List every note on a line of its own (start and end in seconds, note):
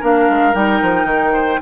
0.00 0.29 A#3
0.00 0.54 D4
0.00 1.33 A#4
0.00 0.55 F5
0.30 0.54 G#3
0.54 0.81 G3
0.54 1.60 D#4
0.54 1.61 G5
0.82 1.05 F3
1.05 1.58 D#3
1.33 1.60 C5